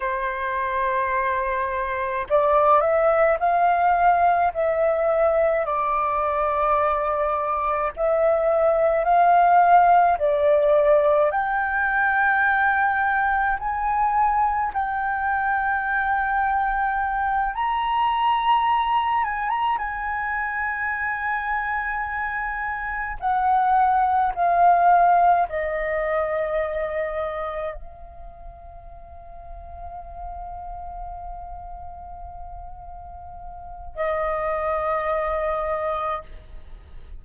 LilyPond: \new Staff \with { instrumentName = "flute" } { \time 4/4 \tempo 4 = 53 c''2 d''8 e''8 f''4 | e''4 d''2 e''4 | f''4 d''4 g''2 | gis''4 g''2~ g''8 ais''8~ |
ais''4 gis''16 ais''16 gis''2~ gis''8~ | gis''8 fis''4 f''4 dis''4.~ | dis''8 f''2.~ f''8~ | f''2 dis''2 | }